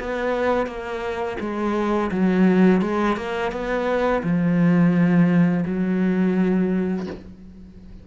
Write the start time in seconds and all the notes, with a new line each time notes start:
0.00 B3
0.67 A#3
1.41 G#3
2.12 F#3
2.82 G#3
3.17 A#3
3.52 B3
4.24 F3
5.66 F#3